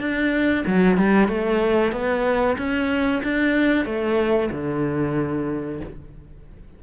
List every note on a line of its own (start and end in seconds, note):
0.00 0.65 D4
0.67 0.97 F#3
0.97 1.28 G3
1.28 1.92 A3
1.92 2.57 B3
2.57 3.22 C#4
3.23 3.85 D4
3.85 4.50 A3
4.51 5.80 D3